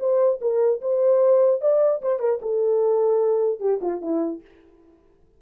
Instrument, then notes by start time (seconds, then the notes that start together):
horn
0.00 C5
0.41 A#4
0.82 C5
1.62 D5
2.02 C5
2.20 A#4
2.42 A4
3.60 G4
3.82 F4
4.02 E4